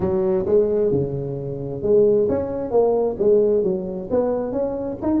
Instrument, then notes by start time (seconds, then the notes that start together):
tuba
0.00 F#3
0.46 G#3
0.91 C#3
1.82 G#3
2.29 C#4
2.70 A#3
3.18 G#3
3.63 F#3
4.10 B3
4.51 C#4
5.02 D#4